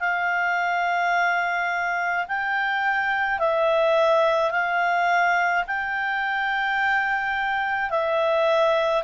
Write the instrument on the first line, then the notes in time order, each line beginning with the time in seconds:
clarinet
0.00 F5
2.28 G5
3.40 E5
4.51 F5
5.68 G5
7.90 E5